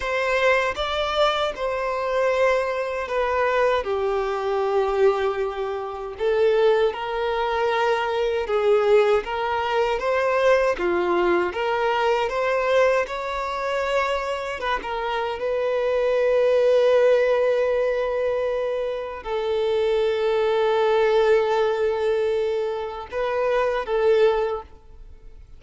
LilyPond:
\new Staff \with { instrumentName = "violin" } { \time 4/4 \tempo 4 = 78 c''4 d''4 c''2 | b'4 g'2. | a'4 ais'2 gis'4 | ais'4 c''4 f'4 ais'4 |
c''4 cis''2 b'16 ais'8. | b'1~ | b'4 a'2.~ | a'2 b'4 a'4 | }